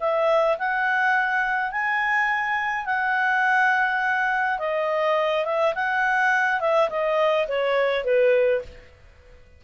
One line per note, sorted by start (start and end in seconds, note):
0.00 0.58 E5
0.58 1.72 F#5
1.72 2.86 G#5
2.86 4.59 F#5
4.59 5.45 D#5
5.45 5.74 E5
5.75 6.61 F#5
6.61 6.89 E5
6.90 7.47 D#5
7.48 8.05 C#5
8.05 8.62 B4